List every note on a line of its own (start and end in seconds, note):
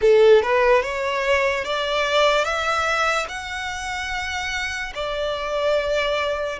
0.01 0.42 A4
0.42 0.82 B4
0.82 1.64 C#5
1.64 2.44 D5
2.44 3.26 E5
3.28 4.92 F#5
4.95 6.59 D5